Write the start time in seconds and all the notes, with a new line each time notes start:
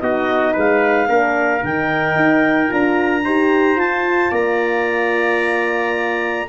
0.00 B3 D#4 F#4 D#5
0.53 G#3 B4
0.59 F5
1.08 A#3 D4 A#4
1.63 D#3 D#4 G5
2.16 D#4
2.68 D4 F4 A#5
3.24 D#4 G4 C5
3.76 F4 A5
4.31 A#3 D5 A#5